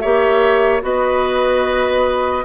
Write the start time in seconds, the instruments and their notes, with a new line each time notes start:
0.00 bassoon A#3, clarinet G4, oboe C#5, flute E5
0.81 bassoon B3, clarinet F#4, oboe B4, flute D#5